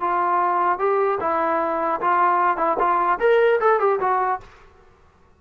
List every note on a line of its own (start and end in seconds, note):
0.00 0.78 F4
0.78 1.18 G4
1.20 2.00 E4
2.00 2.57 F4
2.57 2.77 E4
2.79 3.19 F4
3.19 3.59 A#4
3.60 3.79 A4
3.79 3.99 G4
4.00 4.40 F#4